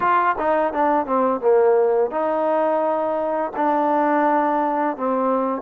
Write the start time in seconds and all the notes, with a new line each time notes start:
0.00 F4
0.38 D#4
0.73 D4
1.06 C4
1.41 A#3
2.10 D#4
3.56 D4
4.96 C4